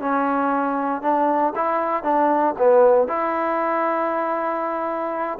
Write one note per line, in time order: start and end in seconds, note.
0.00 1.02 C#4
1.02 1.53 D4
1.55 2.03 E4
2.03 2.54 D4
2.58 3.08 B3
3.08 5.38 E4